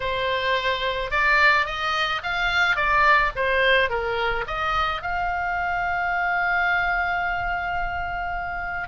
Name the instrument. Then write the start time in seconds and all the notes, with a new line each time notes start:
oboe
0.00 C5
1.10 D5
1.66 D#5
2.23 F5
2.76 D5
3.35 C5
3.89 A#4
4.47 D#5
5.02 F5